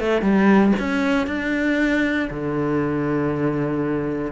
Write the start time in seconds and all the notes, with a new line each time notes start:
0.00 A3
0.22 G3
0.80 C#4
1.27 D4
2.30 D3